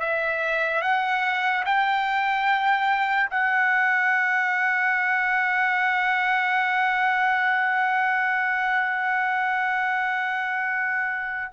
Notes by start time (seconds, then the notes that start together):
0.00 E5
0.82 F#5
1.65 G5
3.31 F#5